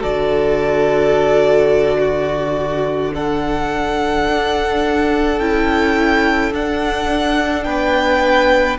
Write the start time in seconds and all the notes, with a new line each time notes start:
0.00 D3 F#4 A4 D5
1.99 F#4
3.13 D4 A4 F#5
4.29 D4
5.39 C#4 E4 G5
6.52 D4 F#5
7.64 B3 B4 G5